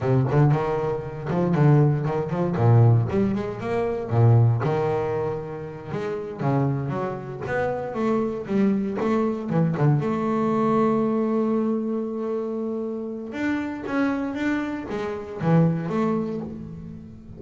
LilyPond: \new Staff \with { instrumentName = "double bass" } { \time 4/4 \tempo 4 = 117 c8 d8 dis4. f8 d4 | dis8 f8 ais,4 g8 gis8 ais4 | ais,4 dis2~ dis8 gis8~ | gis8 cis4 fis4 b4 a8~ |
a8 g4 a4 e8 d8 a8~ | a1~ | a2 d'4 cis'4 | d'4 gis4 e4 a4 | }